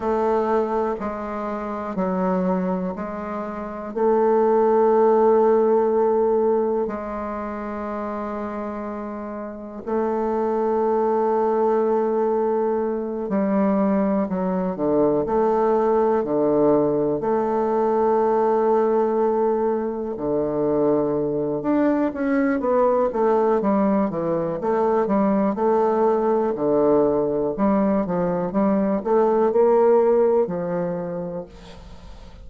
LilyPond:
\new Staff \with { instrumentName = "bassoon" } { \time 4/4 \tempo 4 = 61 a4 gis4 fis4 gis4 | a2. gis4~ | gis2 a2~ | a4. g4 fis8 d8 a8~ |
a8 d4 a2~ a8~ | a8 d4. d'8 cis'8 b8 a8 | g8 e8 a8 g8 a4 d4 | g8 f8 g8 a8 ais4 f4 | }